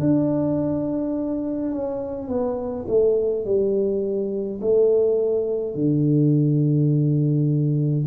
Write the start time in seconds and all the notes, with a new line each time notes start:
0.00 D4
1.72 C#4
2.28 B3
2.88 A3
3.45 G3
4.61 A3
5.75 D3